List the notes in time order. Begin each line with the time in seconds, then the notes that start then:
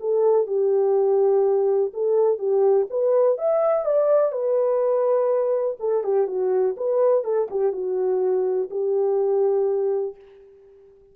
0.00 A4
0.47 G4
1.94 A4
2.38 G4
2.90 B4
3.38 E5
3.85 D5
4.32 B4
5.80 A4
6.04 G4
6.27 F#4
6.77 B4
7.24 A4
7.50 G4
7.72 F#4
8.71 G4